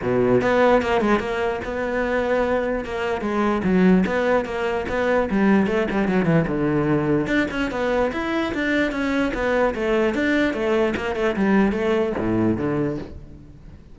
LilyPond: \new Staff \with { instrumentName = "cello" } { \time 4/4 \tempo 4 = 148 b,4 b4 ais8 gis8 ais4 | b2. ais4 | gis4 fis4 b4 ais4 | b4 g4 a8 g8 fis8 e8 |
d2 d'8 cis'8 b4 | e'4 d'4 cis'4 b4 | a4 d'4 a4 ais8 a8 | g4 a4 a,4 d4 | }